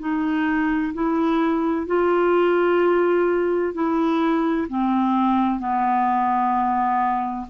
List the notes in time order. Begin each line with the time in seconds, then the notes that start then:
0.00 D#4
0.94 E4
1.87 F4
3.74 E4
4.69 C4
5.60 B3